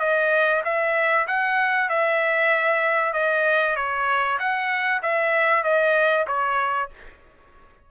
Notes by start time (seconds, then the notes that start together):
0.00 D#5
0.64 E5
1.28 F#5
1.89 E5
3.14 D#5
3.76 C#5
4.39 F#5
5.03 E5
5.64 D#5
6.27 C#5